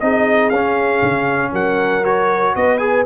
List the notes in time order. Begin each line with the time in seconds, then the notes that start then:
0.00 C4 D#4 G#4 D#5
0.50 C#4 F5
1.02 C#3
1.52 F#3 A#4 F#5
2.04 F#4 C#5
2.56 B3 B4 D#5
2.78 G#4 G#5